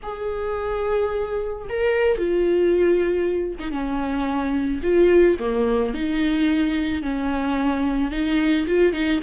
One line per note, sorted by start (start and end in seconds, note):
0.03 1.68 G#4
1.69 2.18 A#4
2.18 3.55 F4
3.59 3.71 D#4
3.71 4.81 C#4
4.82 5.37 F4
5.39 5.93 A#3
5.93 7.02 D#4
7.02 8.11 C#4
8.11 8.66 D#4
8.67 8.92 F4
8.92 9.20 D#4